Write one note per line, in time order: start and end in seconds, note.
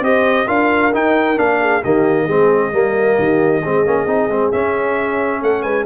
0.00 0.45 C4
0.00 0.47 G4
0.00 0.46 C5
0.00 0.47 D#5
0.46 0.93 D4
0.46 0.92 F4
0.46 1.58 A#4
0.46 0.92 F5
0.93 1.36 D#4
0.93 1.38 D#4
0.93 1.38 G5
1.36 1.83 A#3
1.36 1.81 D4
1.36 1.83 F5
1.61 1.83 G#4
1.83 2.28 D#3
1.83 2.28 A#3
1.83 2.25 G4
1.83 4.52 D#5
2.25 2.72 G#3
2.25 2.72 C4
2.25 2.69 G#4
2.72 3.17 G3
2.72 3.61 A#3
2.72 3.18 A#4
3.18 3.63 D#3
3.18 3.63 G4
3.63 3.86 G#3
3.63 3.85 C4
3.63 5.41 G#4
3.85 4.06 A#3
3.85 4.07 C#4
4.06 4.28 C4
4.06 4.29 D#4
4.28 4.51 G#3
4.28 4.52 C4
4.52 5.86 C#4
4.52 5.42 C#4
4.52 5.41 E5
5.41 5.64 A3
5.41 5.62 A4
5.41 5.62 F#5
5.62 5.86 G#3
5.62 5.84 B4
5.62 5.84 G#5